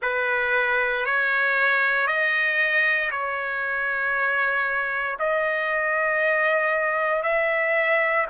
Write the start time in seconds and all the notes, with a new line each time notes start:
0.02 B4
1.05 C#5
2.07 D#5
3.10 C#5
5.19 D#5
7.22 E5